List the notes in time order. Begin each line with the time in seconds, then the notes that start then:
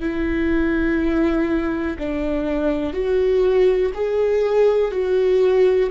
0.00 E4
1.98 D4
2.93 F#4
3.94 G#4
4.91 F#4